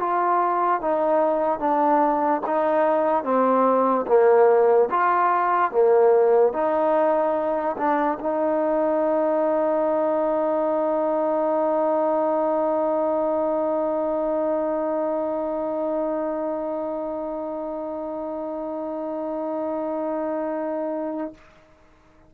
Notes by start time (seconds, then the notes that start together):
0.00 F4
0.81 D#4
1.60 D4
2.47 D#4
3.24 C4
4.08 A#3
4.91 F4
5.72 A#3
6.53 D#4
7.78 D4
8.20 D#4